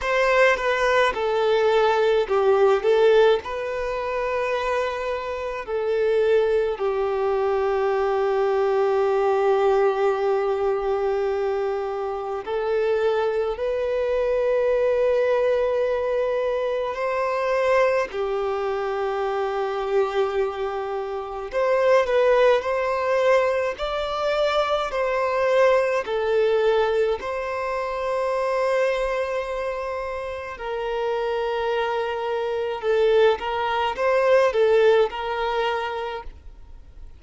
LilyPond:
\new Staff \with { instrumentName = "violin" } { \time 4/4 \tempo 4 = 53 c''8 b'8 a'4 g'8 a'8 b'4~ | b'4 a'4 g'2~ | g'2. a'4 | b'2. c''4 |
g'2. c''8 b'8 | c''4 d''4 c''4 a'4 | c''2. ais'4~ | ais'4 a'8 ais'8 c''8 a'8 ais'4 | }